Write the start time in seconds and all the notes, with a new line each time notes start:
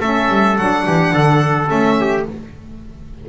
0.00 A3 C#4 A4 E5
0.29 G3
0.57 F#3 D4 F#5
0.86 E3 G4
1.13 D3 A4
1.66 A3 C#4 E5
2.01 G4